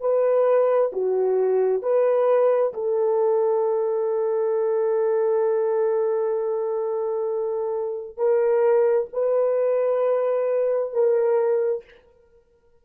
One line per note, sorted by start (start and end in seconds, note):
0.00 0.91 B4
0.92 1.82 F#4
1.82 2.73 B4
2.73 8.17 A4
8.17 9.08 A#4
9.12 10.93 B4
10.93 11.84 A#4